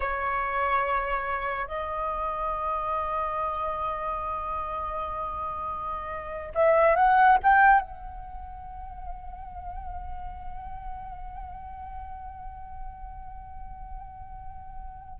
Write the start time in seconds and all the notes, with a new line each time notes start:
0.00 C#5
1.67 D#5
6.55 E5
6.95 F#5
7.43 G5
7.80 F#5